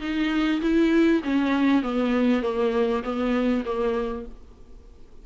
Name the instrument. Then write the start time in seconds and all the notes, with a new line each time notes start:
viola
0.00 D#4
0.61 E4
1.23 C#4
1.82 B3
2.42 A#3
3.03 B3
3.65 A#3